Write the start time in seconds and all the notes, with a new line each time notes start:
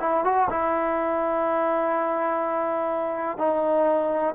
0.00 E4
0.24 F#4
0.50 E4
3.38 D#4